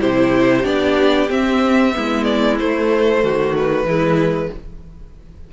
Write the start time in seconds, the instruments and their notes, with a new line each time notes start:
0.00 cello C3, viola E4, violin G4 C5
0.64 cello B3, viola D4, violin D5
1.30 viola C4, cello C4, violin E5
1.94 cello G#3, viola B3, violin E4
2.24 violin D5
2.59 viola A3, cello A3, violin C5
3.24 cello D#3, violin F#4
3.57 violin B4
3.85 cello E3, viola G#3, violin E4